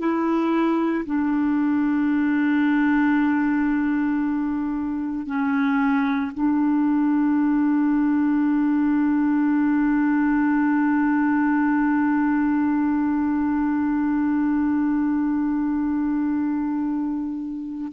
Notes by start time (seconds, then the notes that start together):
0.00 E4
1.06 D4
5.27 C#4
6.35 D4